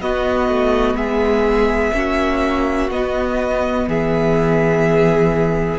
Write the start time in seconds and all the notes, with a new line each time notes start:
0.00 B3 F#4 D#5
0.48 A3
0.94 G#3 G#4 E5
1.93 A#3 C#4 F#4
2.89 B3 D#5
3.87 E3 G#4 E5